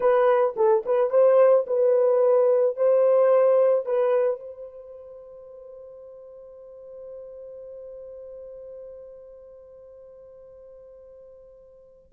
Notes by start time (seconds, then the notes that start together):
0.00 B4
0.56 A4
0.85 B4
1.10 C5
1.66 B4
2.76 C5
3.85 B4
4.40 C5